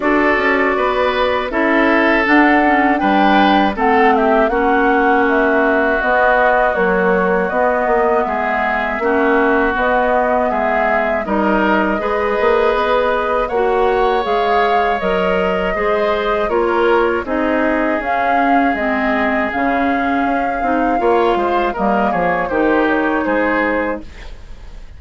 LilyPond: <<
  \new Staff \with { instrumentName = "flute" } { \time 4/4 \tempo 4 = 80 d''2 e''4 fis''4 | g''4 fis''8 e''8 fis''4 e''4 | dis''4 cis''4 dis''4 e''4~ | e''4 dis''4 e''4 dis''4~ |
dis''2 fis''4 f''4 | dis''2 cis''4 dis''4 | f''4 dis''4 f''2~ | f''4 dis''8 cis''8 c''8 cis''8 c''4 | }
  \new Staff \with { instrumentName = "oboe" } { \time 4/4 a'4 b'4 a'2 | b'4 a'8 g'8 fis'2~ | fis'2. gis'4 | fis'2 gis'4 ais'4 |
b'2 cis''2~ | cis''4 c''4 ais'4 gis'4~ | gis'1 | cis''8 c''8 ais'8 gis'8 g'4 gis'4 | }
  \new Staff \with { instrumentName = "clarinet" } { \time 4/4 fis'2 e'4 d'8 cis'8 | d'4 c'4 cis'2 | b4 fis4 b2 | cis'4 b2 dis'4 |
gis'2 fis'4 gis'4 | ais'4 gis'4 f'4 dis'4 | cis'4 c'4 cis'4. dis'8 | f'4 ais4 dis'2 | }
  \new Staff \with { instrumentName = "bassoon" } { \time 4/4 d'8 cis'8 b4 cis'4 d'4 | g4 a4 ais2 | b4 ais4 b8 ais8 gis4 | ais4 b4 gis4 g4 |
gis8 ais8 b4 ais4 gis4 | fis4 gis4 ais4 c'4 | cis'4 gis4 cis4 cis'8 c'8 | ais8 gis8 g8 f8 dis4 gis4 | }
>>